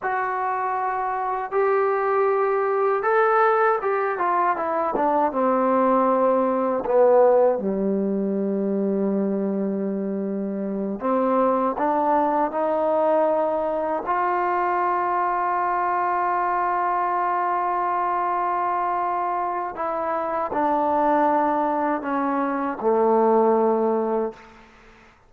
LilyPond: \new Staff \with { instrumentName = "trombone" } { \time 4/4 \tempo 4 = 79 fis'2 g'2 | a'4 g'8 f'8 e'8 d'8 c'4~ | c'4 b4 g2~ | g2~ g8 c'4 d'8~ |
d'8 dis'2 f'4.~ | f'1~ | f'2 e'4 d'4~ | d'4 cis'4 a2 | }